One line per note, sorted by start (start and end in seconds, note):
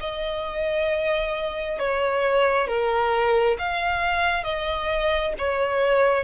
0.00 1.79 D#5
1.79 2.67 C#5
2.67 3.57 A#4
3.59 4.44 F5
4.44 5.33 D#5
5.38 6.24 C#5